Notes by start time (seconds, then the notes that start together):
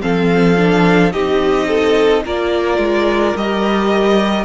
0.00 F3 C4 A4 F5
0.56 D4
1.12 C4 D#4 G4 D#5
1.68 A4
2.24 A#3 F4 A#4 D5
2.78 G#3
3.35 G3 G4 D#5